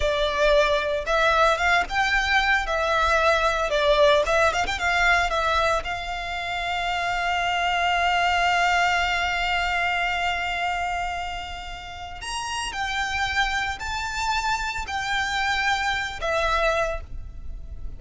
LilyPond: \new Staff \with { instrumentName = "violin" } { \time 4/4 \tempo 4 = 113 d''2 e''4 f''8 g''8~ | g''4 e''2 d''4 | e''8 f''16 g''16 f''4 e''4 f''4~ | f''1~ |
f''1~ | f''2. ais''4 | g''2 a''2 | g''2~ g''8 e''4. | }